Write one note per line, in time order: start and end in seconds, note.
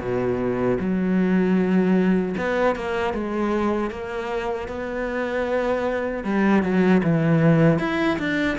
0.00 0.78 B2
0.80 2.36 F#3
2.37 2.76 B3
2.76 3.14 A#3
3.14 3.91 G#3
3.91 4.68 A#3
4.68 6.24 B3
6.24 6.63 G3
6.63 7.02 F#3
7.03 7.79 E3
7.79 8.18 E4
8.19 8.58 D4